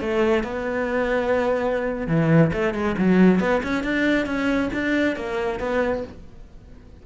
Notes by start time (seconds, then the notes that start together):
0.00 A3
0.43 B3
2.07 E3
2.53 A3
2.74 G#3
2.98 F#3
3.40 B3
3.63 C#4
3.84 D4
4.26 C#4
4.73 D4
5.16 A#3
5.59 B3